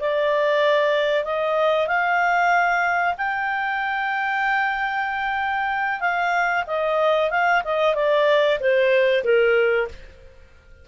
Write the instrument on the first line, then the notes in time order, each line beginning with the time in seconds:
clarinet
0.00 D5
1.24 D#5
1.87 F5
3.17 G5
6.00 F5
6.67 D#5
7.31 F5
7.65 D#5
7.95 D5
8.60 C5
9.24 A#4